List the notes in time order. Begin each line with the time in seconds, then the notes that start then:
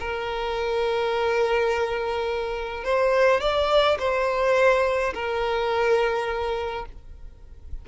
0.00 A#4
2.84 C5
3.41 D5
3.99 C5
5.14 A#4